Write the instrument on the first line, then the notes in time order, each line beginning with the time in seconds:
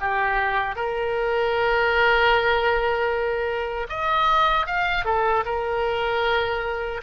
oboe
0.00 G4
0.75 A#4
3.89 D#5
4.66 F5
5.05 A4
5.45 A#4